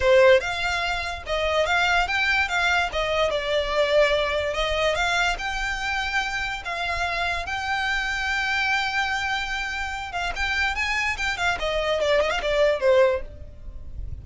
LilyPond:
\new Staff \with { instrumentName = "violin" } { \time 4/4 \tempo 4 = 145 c''4 f''2 dis''4 | f''4 g''4 f''4 dis''4 | d''2. dis''4 | f''4 g''2. |
f''2 g''2~ | g''1~ | g''8 f''8 g''4 gis''4 g''8 f''8 | dis''4 d''8 dis''16 f''16 d''4 c''4 | }